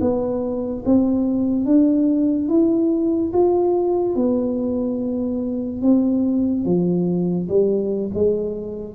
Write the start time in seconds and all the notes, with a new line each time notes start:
0.00 B3
0.85 C4
1.65 D4
2.48 E4
3.33 F4
4.15 B3
5.81 C4
6.65 F3
7.48 G3
8.14 G#3